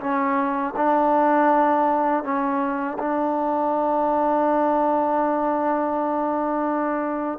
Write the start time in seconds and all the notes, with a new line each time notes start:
0.00 C#4
0.76 D4
2.24 C#4
2.99 D4